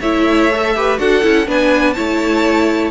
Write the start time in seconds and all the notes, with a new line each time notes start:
0.00 A3 E4 C#5 E5
0.51 A4
0.76 G4 B4
0.97 D4 F#4 A4 F#5
1.22 C#4 E4
1.46 B3 D4 B4 G#5
1.93 A3 E4 C#5 A5